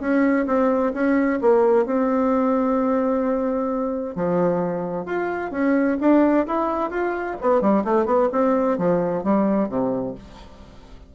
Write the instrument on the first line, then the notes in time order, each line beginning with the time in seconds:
bassoon
0.00 C#4
0.47 C4
0.94 C#4
1.41 A#3
1.86 C4
4.15 F3
5.06 F4
5.52 C#4
6.00 D4
6.47 E4
6.90 F4
7.41 B3
7.61 G3
7.84 A3
8.06 B3
8.32 C4
8.78 F3
9.24 G3
9.69 C3